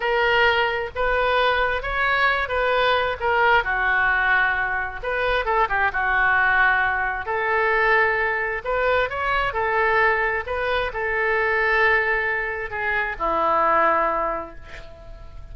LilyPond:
\new Staff \with { instrumentName = "oboe" } { \time 4/4 \tempo 4 = 132 ais'2 b'2 | cis''4. b'4. ais'4 | fis'2. b'4 | a'8 g'8 fis'2. |
a'2. b'4 | cis''4 a'2 b'4 | a'1 | gis'4 e'2. | }